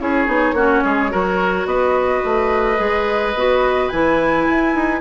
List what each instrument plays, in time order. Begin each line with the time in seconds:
0.00 bassoon C#4, clarinet E4, oboe G#4, flute C#5
0.28 bassoon B3, clarinet D#4
0.53 bassoon A#3, clarinet C#4, oboe F#4
0.84 bassoon G#3, oboe G#4
1.11 bassoon F#3, clarinet F#4, oboe A#4
1.66 bassoon B3, oboe B4, flute D#5
2.25 bassoon A3
2.78 bassoon G#3, clarinet G#4
3.35 bassoon B3, clarinet F#4
3.89 bassoon E3, clarinet E4, flute G#5
4.50 bassoon E4
4.75 bassoon D#4